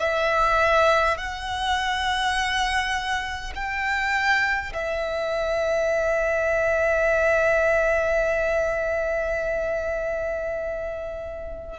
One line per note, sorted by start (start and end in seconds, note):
0.00 1.18 E5
1.18 3.53 F#5
3.55 4.73 G5
4.73 11.79 E5